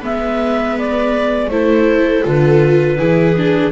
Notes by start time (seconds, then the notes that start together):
0.00 G#3 B3 B4 E5
0.78 D5
1.49 A3 E4 A4 C5
2.24 D3 F4 B4
2.99 E3 E4 G#4
3.37 D4